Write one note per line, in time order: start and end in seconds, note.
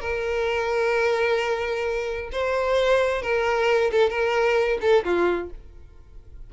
0.00 2.29 A#4
2.32 3.22 C5
3.22 3.90 A#4
3.91 4.09 A4
4.09 4.78 A#4
4.81 5.04 A4
5.04 5.50 F4